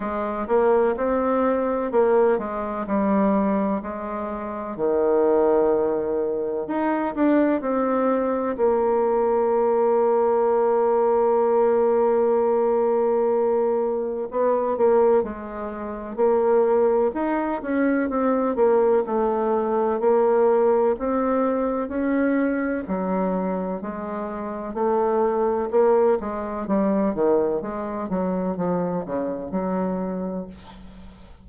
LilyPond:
\new Staff \with { instrumentName = "bassoon" } { \time 4/4 \tempo 4 = 63 gis8 ais8 c'4 ais8 gis8 g4 | gis4 dis2 dis'8 d'8 | c'4 ais2.~ | ais2. b8 ais8 |
gis4 ais4 dis'8 cis'8 c'8 ais8 | a4 ais4 c'4 cis'4 | fis4 gis4 a4 ais8 gis8 | g8 dis8 gis8 fis8 f8 cis8 fis4 | }